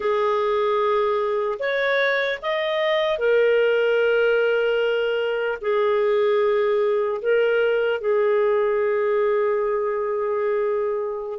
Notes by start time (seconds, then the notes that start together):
0.00 G#4
1.59 C#5
2.42 D#5
3.18 A#4
5.61 G#4
7.21 A#4
8.00 G#4